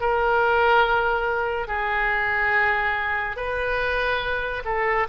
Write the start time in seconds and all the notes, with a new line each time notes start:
0.00 A#4
1.67 G#4
3.36 B4
4.65 A4